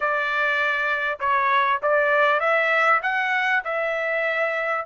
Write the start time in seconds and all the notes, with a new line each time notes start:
0.00 D5
1.19 C#5
1.82 D5
2.40 E5
3.02 F#5
3.64 E5